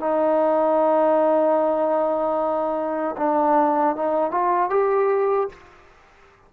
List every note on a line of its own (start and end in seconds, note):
0.00 3.16 D#4
3.17 3.96 D4
3.96 4.31 D#4
4.31 4.70 F4
4.70 5.49 G4